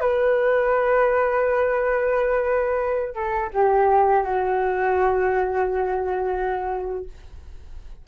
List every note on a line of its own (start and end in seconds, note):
0.00 3.14 B4
3.14 3.50 A4
3.53 4.23 G4
4.23 7.05 F#4